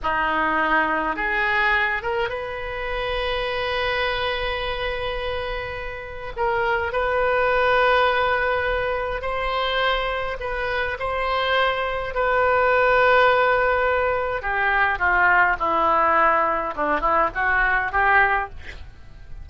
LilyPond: \new Staff \with { instrumentName = "oboe" } { \time 4/4 \tempo 4 = 104 dis'2 gis'4. ais'8 | b'1~ | b'2. ais'4 | b'1 |
c''2 b'4 c''4~ | c''4 b'2.~ | b'4 g'4 f'4 e'4~ | e'4 d'8 e'8 fis'4 g'4 | }